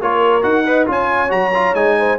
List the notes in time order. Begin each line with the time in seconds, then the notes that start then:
0.00 A#3 F4 A#4 C#5
0.42 D#4 F#4 F#5
0.66 B4 D#5
0.86 C#4 F4 C#5 G#5
1.29 F#3 F#4 A#5
1.54 F4
1.74 G#3 D#4 G#5
1.98 C5